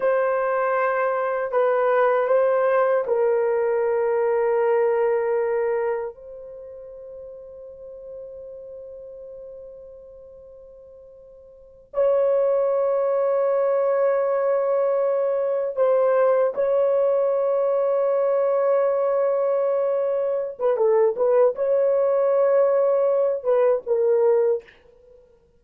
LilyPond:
\new Staff \with { instrumentName = "horn" } { \time 4/4 \tempo 4 = 78 c''2 b'4 c''4 | ais'1 | c''1~ | c''2.~ c''8 cis''8~ |
cis''1~ | cis''8 c''4 cis''2~ cis''8~ | cis''2~ cis''8. b'16 a'8 b'8 | cis''2~ cis''8 b'8 ais'4 | }